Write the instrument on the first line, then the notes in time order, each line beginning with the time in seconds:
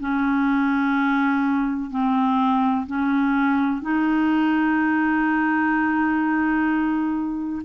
clarinet
0.00 C#4
1.90 C4
2.86 C#4
3.81 D#4